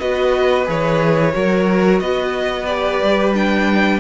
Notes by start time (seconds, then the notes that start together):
0.00 B3 F#4 B4 D#5
0.66 E3 G#4 C#5
1.33 F#3 F#4 A#4
2.00 B3 B4 D#5
2.66 G4 D5
3.03 G3
3.34 D4 G5